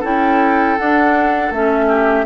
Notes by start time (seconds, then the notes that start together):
0.00 C#4 E4 A4 G5
0.78 D4 F#5
1.51 A3 C#4 E5
1.88 G4